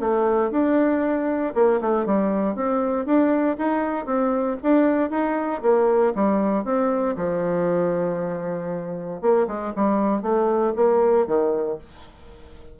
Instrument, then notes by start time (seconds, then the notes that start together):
bassoon
0.00 A3
0.51 D4
1.55 A#3
1.81 A3
2.06 G3
2.55 C4
3.06 D4
3.58 D#4
4.06 C4
4.63 D4
5.10 D#4
5.62 A#3
6.15 G3
6.65 C4
7.16 F3
9.21 A#3
9.48 G#3
9.76 G3
10.22 A3
10.76 A#3
11.27 D#3